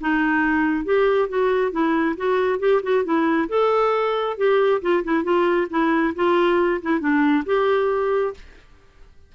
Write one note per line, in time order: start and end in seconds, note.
0.00 0.84 D#4
0.84 1.28 G4
1.28 1.71 F#4
1.71 2.15 E4
2.17 2.59 F#4
2.59 2.81 G4
2.83 3.04 F#4
3.04 3.48 E4
3.49 4.37 A4
4.37 4.81 G4
4.81 5.03 F4
5.04 5.23 E4
5.23 5.67 F4
5.70 6.14 E4
6.15 6.81 F4
6.82 7.00 E4
7.00 7.44 D4
7.45 8.34 G4